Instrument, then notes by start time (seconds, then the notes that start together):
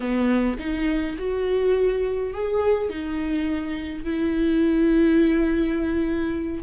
viola
0.00 B3
0.58 D#4
1.18 F#4
2.33 G#4
2.89 D#4
4.04 E4